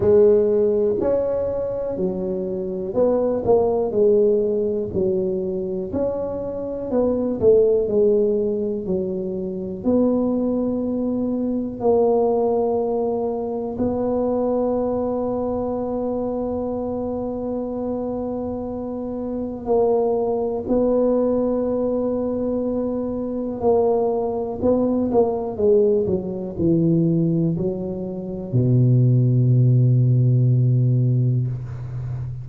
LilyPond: \new Staff \with { instrumentName = "tuba" } { \time 4/4 \tempo 4 = 61 gis4 cis'4 fis4 b8 ais8 | gis4 fis4 cis'4 b8 a8 | gis4 fis4 b2 | ais2 b2~ |
b1 | ais4 b2. | ais4 b8 ais8 gis8 fis8 e4 | fis4 b,2. | }